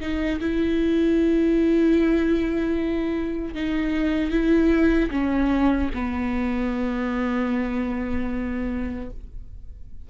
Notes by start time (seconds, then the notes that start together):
0.00 D#4
0.41 E4
3.54 D#4
4.31 E4
5.11 C#4
5.94 B3